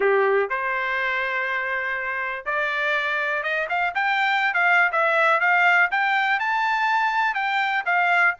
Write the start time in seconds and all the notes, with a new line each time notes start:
0.00 G4
0.49 C5
2.45 D5
3.43 D#5
3.69 F5
3.94 G5
4.54 F5
4.92 E5
5.40 F5
5.91 G5
6.39 A5
7.34 G5
7.85 F5